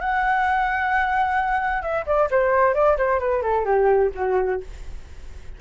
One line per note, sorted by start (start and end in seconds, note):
0.00 1.82 F#5
1.82 2.05 E5
2.06 2.29 D5
2.30 2.74 C5
2.74 2.97 D5
2.97 3.19 C5
3.19 3.42 B4
3.42 3.65 A4
3.65 4.11 G4
4.15 4.60 F#4